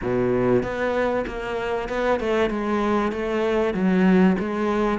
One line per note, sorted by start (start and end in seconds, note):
0.01 0.62 B2
0.62 1.25 B3
1.26 1.88 A#3
1.88 2.20 B3
2.20 2.50 A3
2.50 3.12 G#3
3.12 3.74 A3
3.74 4.36 F#3
4.39 4.99 G#3